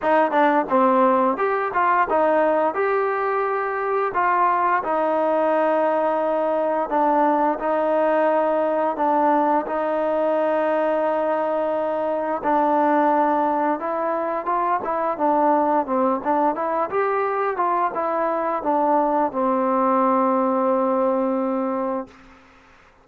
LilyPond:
\new Staff \with { instrumentName = "trombone" } { \time 4/4 \tempo 4 = 87 dis'8 d'8 c'4 g'8 f'8 dis'4 | g'2 f'4 dis'4~ | dis'2 d'4 dis'4~ | dis'4 d'4 dis'2~ |
dis'2 d'2 | e'4 f'8 e'8 d'4 c'8 d'8 | e'8 g'4 f'8 e'4 d'4 | c'1 | }